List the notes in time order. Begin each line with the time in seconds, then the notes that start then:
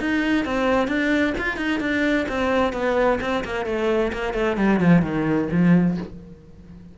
0.00 D#4
0.45 C4
0.87 D4
1.38 F4
1.57 D#4
1.80 D4
2.28 C4
2.73 B3
3.21 C4
3.44 A#3
3.66 A3
4.13 A#3
4.34 A3
4.57 G3
4.80 F3
5.02 D#3
5.51 F3